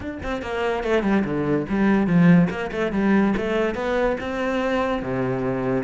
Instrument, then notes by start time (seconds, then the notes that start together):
cello
0.00 D4
0.22 C4
0.42 A#3
0.83 A3
1.02 G3
1.24 D3
1.69 G3
2.06 F3
2.49 A#3
2.71 A3
2.92 G3
3.36 A3
3.74 B3
4.20 C4
5.02 C3